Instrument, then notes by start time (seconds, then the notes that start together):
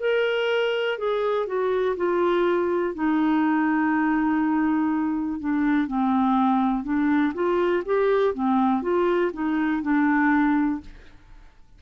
clarinet
0.00 A#4
0.98 G#4
1.47 F#4
1.97 F4
2.95 D#4
5.40 D4
5.87 C4
6.84 D4
7.34 F4
7.86 G4
8.34 C4
8.82 F4
9.34 D#4
9.82 D4